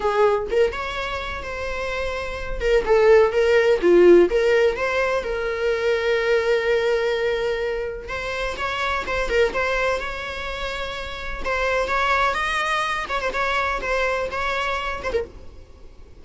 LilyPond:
\new Staff \with { instrumentName = "viola" } { \time 4/4 \tempo 4 = 126 gis'4 ais'8 cis''4. c''4~ | c''4. ais'8 a'4 ais'4 | f'4 ais'4 c''4 ais'4~ | ais'1~ |
ais'4 c''4 cis''4 c''8 ais'8 | c''4 cis''2. | c''4 cis''4 dis''4. cis''16 c''16 | cis''4 c''4 cis''4. c''16 ais'16 | }